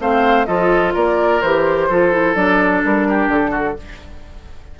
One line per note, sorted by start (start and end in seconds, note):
0.00 0.47 A3
0.00 0.47 C4
0.00 0.47 C5
0.00 0.46 F5
0.46 0.95 F3
0.46 1.41 F4
0.46 0.94 A4
0.46 0.93 D#5
0.94 1.42 A#3
0.94 1.88 A#4
0.94 1.41 D5
1.41 1.89 E3
1.41 1.91 G4
1.41 2.35 C5
1.89 2.35 F3
1.89 2.12 F4
1.89 3.07 A4
2.12 2.35 E4
2.35 2.82 F#3
2.35 3.77 D4
2.35 2.83 D5
2.84 3.28 G3
2.84 3.31 A#4
3.09 3.51 G4
3.28 3.75 D3
3.28 3.80 A4
3.51 3.75 F#4